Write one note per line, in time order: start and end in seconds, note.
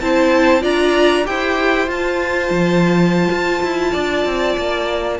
0.00 0.63 C4
0.00 0.60 E4
0.00 0.61 C5
0.00 0.63 A5
0.60 1.26 D4
0.60 1.23 F4
0.60 1.25 D5
0.60 1.26 A#5
1.24 1.88 E4
1.24 1.87 G4
1.24 3.91 C5
1.24 1.89 G5
1.87 5.19 F4
1.87 2.50 F4
1.87 5.19 A5
2.50 3.29 F3
3.30 3.62 F4
3.62 3.94 E4
3.91 4.25 D4
3.91 5.17 D5
4.25 4.57 C4
4.57 5.19 A#3